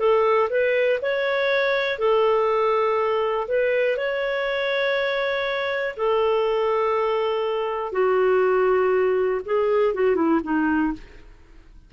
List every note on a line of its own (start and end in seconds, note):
0.00 0.50 A4
0.50 1.00 B4
1.02 1.99 C#5
1.99 3.48 A4
3.48 3.98 B4
3.98 5.96 C#5
5.97 7.93 A4
7.93 9.42 F#4
9.46 9.95 G#4
9.95 10.16 F#4
10.16 10.41 E4
10.44 10.93 D#4